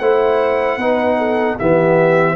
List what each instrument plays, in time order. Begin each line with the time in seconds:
0.00 tuba A3, trombone E4, horn C5, trumpet F#5
0.77 tuba B3, trombone D#4, horn B4
1.18 horn A4
1.59 tuba E3, trombone B3, horn G4, trumpet E5